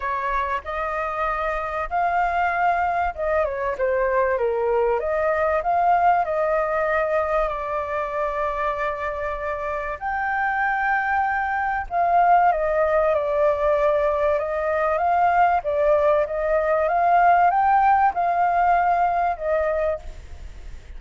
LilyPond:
\new Staff \with { instrumentName = "flute" } { \time 4/4 \tempo 4 = 96 cis''4 dis''2 f''4~ | f''4 dis''8 cis''8 c''4 ais'4 | dis''4 f''4 dis''2 | d''1 |
g''2. f''4 | dis''4 d''2 dis''4 | f''4 d''4 dis''4 f''4 | g''4 f''2 dis''4 | }